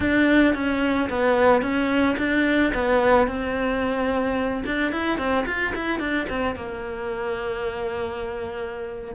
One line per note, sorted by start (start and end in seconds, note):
0.00 0.54 D4
0.54 1.09 C#4
1.09 1.61 B3
1.61 2.16 C#4
2.18 2.72 D4
2.73 3.27 B3
3.27 4.63 C4
4.65 4.91 D4
4.91 5.18 E4
5.18 5.45 C4
5.46 5.73 F4
5.75 5.99 E4
5.99 6.27 D4
6.29 6.55 C4
6.55 9.14 A#3